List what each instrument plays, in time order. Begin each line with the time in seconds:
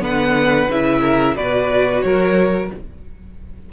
0.00 cello D3, viola B3, violin B4 F#5
0.69 cello C#3, viola E4, violin E5
1.00 violin A#4
1.35 cello B2, viola F#4, violin B4 D5
2.02 cello F#3, violin A#4 C#5